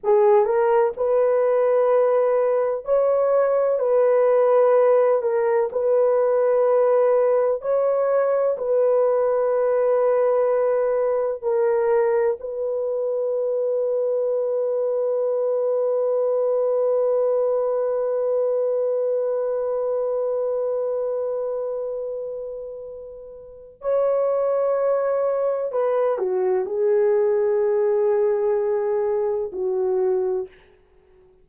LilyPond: \new Staff \with { instrumentName = "horn" } { \time 4/4 \tempo 4 = 63 gis'8 ais'8 b'2 cis''4 | b'4. ais'8 b'2 | cis''4 b'2. | ais'4 b'2.~ |
b'1~ | b'1~ | b'4 cis''2 b'8 fis'8 | gis'2. fis'4 | }